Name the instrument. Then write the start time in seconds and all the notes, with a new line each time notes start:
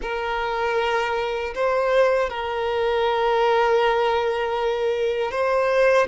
violin
0.02 A#4
1.54 C5
2.29 A#4
5.31 C5